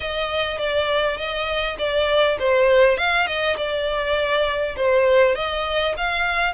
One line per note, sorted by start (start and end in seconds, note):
0.00 0.58 D#5
0.58 1.17 D5
1.17 1.76 D#5
1.78 2.37 D5
2.39 2.97 C5
2.97 3.26 F5
3.26 3.56 D#5
3.56 4.75 D5
4.76 5.35 C5
5.35 5.94 D#5
5.97 6.53 F5